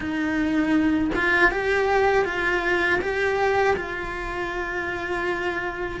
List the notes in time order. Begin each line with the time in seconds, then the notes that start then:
0.00 D#4
1.15 F4
1.51 G4
2.25 F4
3.01 G4
3.76 F4